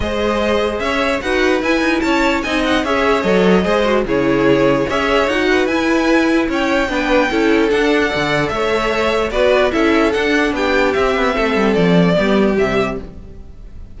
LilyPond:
<<
  \new Staff \with { instrumentName = "violin" } { \time 4/4 \tempo 4 = 148 dis''2 e''4 fis''4 | gis''4 a''4 gis''8 fis''8 e''4 | dis''2 cis''2 | e''4 fis''4 gis''2 |
g''2. fis''4~ | fis''4 e''2 d''4 | e''4 fis''4 g''4 e''4~ | e''4 d''2 e''4 | }
  \new Staff \with { instrumentName = "violin" } { \time 4/4 c''2 cis''4 b'4~ | b'4 cis''4 dis''4 cis''4~ | cis''4 c''4 gis'2 | cis''4. b'2~ b'8 |
cis''4 b'4 a'2 | d''4 cis''2 b'4 | a'2 g'2 | a'2 g'2 | }
  \new Staff \with { instrumentName = "viola" } { \time 4/4 gis'2. fis'4 | e'2 dis'4 gis'4 | a'4 gis'8 fis'8 e'2 | gis'4 fis'4 e'2~ |
e'4 d'4 e'4 d'4 | a'2. fis'4 | e'4 d'2 c'4~ | c'2 b4 g4 | }
  \new Staff \with { instrumentName = "cello" } { \time 4/4 gis2 cis'4 dis'4 | e'8 dis'8 cis'4 c'4 cis'4 | fis4 gis4 cis2 | cis'4 dis'4 e'2 |
cis'4 b4 cis'4 d'4 | d4 a2 b4 | cis'4 d'4 b4 c'8 b8 | a8 g8 f4 g4 c4 | }
>>